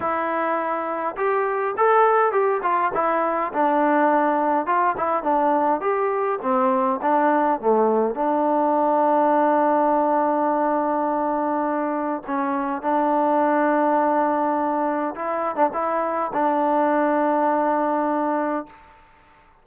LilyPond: \new Staff \with { instrumentName = "trombone" } { \time 4/4 \tempo 4 = 103 e'2 g'4 a'4 | g'8 f'8 e'4 d'2 | f'8 e'8 d'4 g'4 c'4 | d'4 a4 d'2~ |
d'1~ | d'4 cis'4 d'2~ | d'2 e'8. d'16 e'4 | d'1 | }